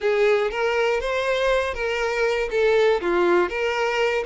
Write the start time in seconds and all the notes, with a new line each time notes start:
0.00 G#4
0.50 A#4
1.00 C5
1.74 A#4
2.50 A4
3.01 F4
3.49 A#4